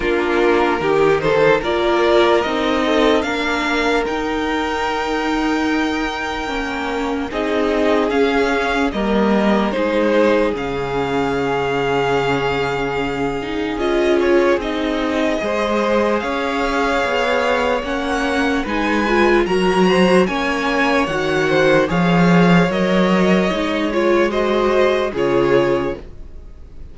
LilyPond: <<
  \new Staff \with { instrumentName = "violin" } { \time 4/4 \tempo 4 = 74 ais'4. c''8 d''4 dis''4 | f''4 g''2.~ | g''4 dis''4 f''4 dis''4 | c''4 f''2.~ |
f''4 dis''8 cis''8 dis''2 | f''2 fis''4 gis''4 | ais''4 gis''4 fis''4 f''4 | dis''4. cis''8 dis''4 cis''4 | }
  \new Staff \with { instrumentName = "violin" } { \time 4/4 f'4 g'8 a'8 ais'4. a'8 | ais'1~ | ais'4 gis'2 ais'4 | gis'1~ |
gis'2. c''4 | cis''2. b'4 | ais'8 c''8 cis''4. c''8 cis''4~ | cis''2 c''4 gis'4 | }
  \new Staff \with { instrumentName = "viola" } { \time 4/4 d'4 dis'4 f'4 dis'4 | d'4 dis'2. | cis'4 dis'4 cis'4 ais4 | dis'4 cis'2.~ |
cis'8 dis'8 f'4 dis'4 gis'4~ | gis'2 cis'4 dis'8 f'8 | fis'4 cis'4 fis'4 gis'4 | ais'4 dis'8 f'8 fis'4 f'4 | }
  \new Staff \with { instrumentName = "cello" } { \time 4/4 ais4 dis4 ais4 c'4 | ais4 dis'2. | ais4 c'4 cis'4 g4 | gis4 cis2.~ |
cis4 cis'4 c'4 gis4 | cis'4 b4 ais4 gis4 | fis4 ais4 dis4 f4 | fis4 gis2 cis4 | }
>>